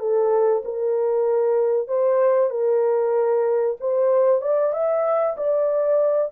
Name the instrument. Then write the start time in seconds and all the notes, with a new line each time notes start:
horn
0.00 A4
0.65 A#4
1.88 C5
2.51 A#4
3.81 C5
4.42 D5
4.73 E5
5.37 D5